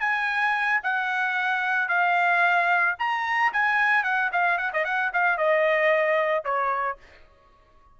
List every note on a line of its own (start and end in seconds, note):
0.00 0.80 G#5
0.83 1.88 F#5
1.88 2.96 F5
2.99 3.52 A#5
3.53 4.04 G#5
4.04 4.31 F#5
4.32 4.58 F5
4.58 4.71 F#5
4.73 4.84 D#5
4.84 5.11 F#5
5.13 5.37 F5
5.37 6.44 D#5
6.44 6.98 C#5